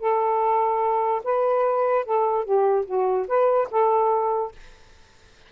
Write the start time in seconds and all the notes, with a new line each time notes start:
0.00 A4
1.24 B4
2.05 A4
2.44 G4
2.86 F#4
3.27 B4
3.70 A4